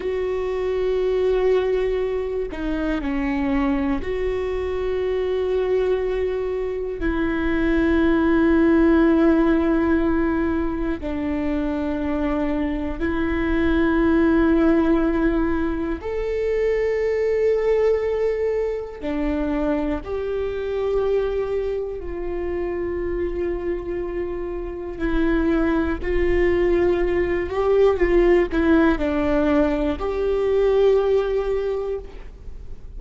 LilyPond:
\new Staff \with { instrumentName = "viola" } { \time 4/4 \tempo 4 = 60 fis'2~ fis'8 dis'8 cis'4 | fis'2. e'4~ | e'2. d'4~ | d'4 e'2. |
a'2. d'4 | g'2 f'2~ | f'4 e'4 f'4. g'8 | f'8 e'8 d'4 g'2 | }